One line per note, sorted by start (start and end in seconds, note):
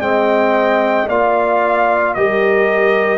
0.00 1.08 G#3
0.00 1.07 C4
0.00 1.08 D#5
0.00 1.08 G5
1.08 2.16 A#3
1.08 2.16 F4
1.08 2.16 D5
1.08 2.14 F5
2.14 3.19 G3
2.14 3.19 G4
2.14 3.19 A#4
2.14 3.19 D#5